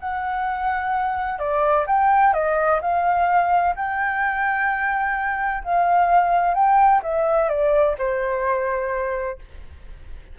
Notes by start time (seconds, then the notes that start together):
0.00 F#5
1.39 D5
1.87 G5
2.34 D#5
2.82 F5
3.76 G5
5.64 F5
6.55 G5
7.03 E5
7.49 D5
7.98 C5